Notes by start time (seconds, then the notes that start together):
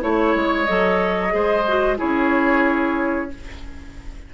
0.00 A3 E4 C#5
0.35 G#3
0.65 F#3 A4 D#5
1.29 G#3 G#4 C5
1.68 F#4
1.97 C#4 E4 G#4 C#5